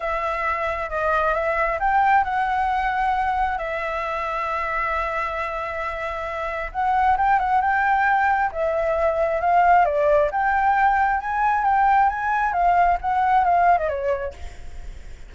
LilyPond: \new Staff \with { instrumentName = "flute" } { \time 4/4 \tempo 4 = 134 e''2 dis''4 e''4 | g''4 fis''2. | e''1~ | e''2. fis''4 |
g''8 fis''8 g''2 e''4~ | e''4 f''4 d''4 g''4~ | g''4 gis''4 g''4 gis''4 | f''4 fis''4 f''8. dis''16 cis''4 | }